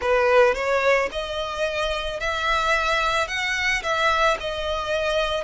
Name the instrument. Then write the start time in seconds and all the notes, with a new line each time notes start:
violin
0.00 B4
0.54 C#5
1.11 D#5
2.20 E5
3.27 F#5
3.82 E5
4.39 D#5